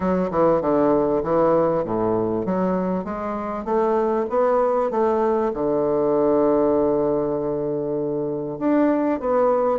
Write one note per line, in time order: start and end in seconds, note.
0.00 0.29 F#3
0.30 0.61 E3
0.61 1.22 D3
1.23 1.84 E3
1.84 2.45 A2
2.45 3.04 F#3
3.04 3.65 G#3
3.65 4.26 A3
4.29 4.90 B3
4.90 5.52 A3
5.53 8.59 D3
8.59 9.19 D4
9.19 9.79 B3